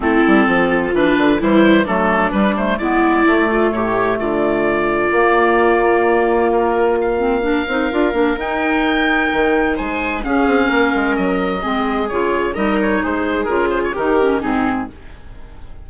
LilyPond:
<<
  \new Staff \with { instrumentName = "oboe" } { \time 4/4 \tempo 4 = 129 a'2 b'4 c''4 | a'4 b'8 c''8 d''2 | cis''4 d''2.~ | d''2 ais'4 f''4~ |
f''2 g''2~ | g''4 gis''4 f''2 | dis''2 cis''4 dis''8 cis''8 | c''4 ais'8 c''16 cis''16 ais'4 gis'4 | }
  \new Staff \with { instrumentName = "viola" } { \time 4/4 e'4 f'2 e'4 | d'2 e'4. f'8 | g'4 f'2.~ | f'1 |
ais'1~ | ais'4 c''4 gis'4 ais'4~ | ais'4 gis'2 ais'4 | gis'2 g'4 dis'4 | }
  \new Staff \with { instrumentName = "clarinet" } { \time 4/4 c'2 d'4 g4 | a4 g8 a8 b4 a4~ | a2. ais4~ | ais2.~ ais8 c'8 |
d'8 dis'8 f'8 d'8 dis'2~ | dis'2 cis'2~ | cis'4 c'4 f'4 dis'4~ | dis'4 f'4 dis'8 cis'8 c'4 | }
  \new Staff \with { instrumentName = "bassoon" } { \time 4/4 a8 g8 f4 e8 d8 e4 | fis4 g4 gis4 a4 | a,4 d2 ais4~ | ais1~ |
ais8 c'8 d'8 ais8 dis'2 | dis4 gis4 cis'8 c'8 ais8 gis8 | fis4 gis4 cis4 g4 | gis4 cis4 dis4 gis,4 | }
>>